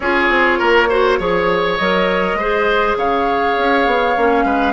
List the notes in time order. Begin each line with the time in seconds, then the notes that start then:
0.00 C#4 F4 G#4 C#5
0.29 C4
0.58 A#3 A#4
0.89 F#4 C5
1.19 F3 G#4 C#5
1.77 F#3 A#4 D#5
2.34 G#3 C5
2.40 G#4
2.96 C#3 C#5 F5
3.58 C#4
3.86 B3
4.16 A#3 C#4
4.44 G#3 B4